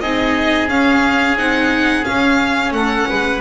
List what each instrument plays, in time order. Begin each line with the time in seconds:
0.00 double bass C4, viola D#4, oboe G#4, violin D#5
0.68 viola C#4, double bass C#4, violin F5
1.36 double bass C4, viola D#4, violin F#5
2.03 viola C#4, double bass C#4, violin F5
2.71 double bass A3, oboe A4, violin F#5
3.08 double bass G#3, oboe B4